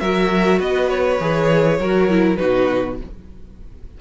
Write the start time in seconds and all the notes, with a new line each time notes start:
0.00 F#3 F#4 A#4 E5
0.59 B3 B4 D#5
0.89 C#5
1.20 E3 G#4
1.79 F#3 F#4 A#4
2.10 E4
2.36 B2 D#4 F#4 B4